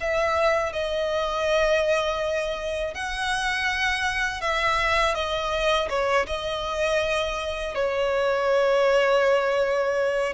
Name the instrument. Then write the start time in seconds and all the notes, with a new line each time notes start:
violin
0.00 E5
0.72 D#5
2.94 F#5
4.41 E5
5.14 D#5
5.89 C#5
6.27 D#5
7.74 C#5